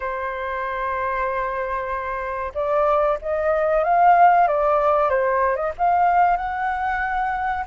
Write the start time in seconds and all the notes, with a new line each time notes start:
0.00 C5
2.54 D5
3.21 D#5
3.84 F5
4.47 D5
5.09 C5
5.56 D#5
5.78 F5
6.36 F#5